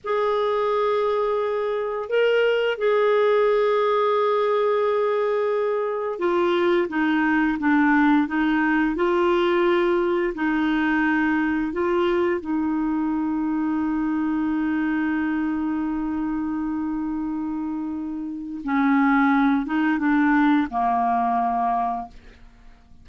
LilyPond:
\new Staff \with { instrumentName = "clarinet" } { \time 4/4 \tempo 4 = 87 gis'2. ais'4 | gis'1~ | gis'4 f'4 dis'4 d'4 | dis'4 f'2 dis'4~ |
dis'4 f'4 dis'2~ | dis'1~ | dis'2. cis'4~ | cis'8 dis'8 d'4 ais2 | }